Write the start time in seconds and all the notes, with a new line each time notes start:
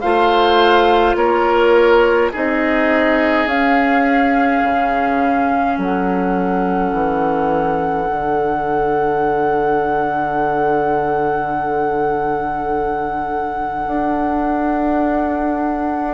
0.00 A3 F4 C5 F5
1.15 A#3 A#4 C#5
2.31 C4 D#4 G#4 D#5
3.46 C#4 F5
4.63 C#3
5.77 F#3 A4 F#5
6.92 E3
8.08 D3 D4
13.87 D4